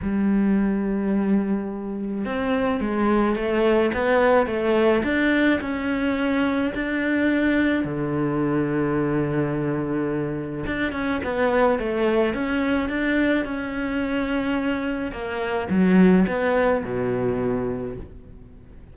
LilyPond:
\new Staff \with { instrumentName = "cello" } { \time 4/4 \tempo 4 = 107 g1 | c'4 gis4 a4 b4 | a4 d'4 cis'2 | d'2 d2~ |
d2. d'8 cis'8 | b4 a4 cis'4 d'4 | cis'2. ais4 | fis4 b4 b,2 | }